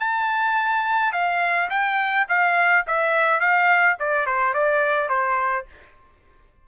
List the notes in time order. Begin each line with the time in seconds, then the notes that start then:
0.00 A5
1.13 F5
1.70 G5
2.29 F5
2.87 E5
3.40 F5
4.00 D5
4.27 C5
4.54 D5
5.09 C5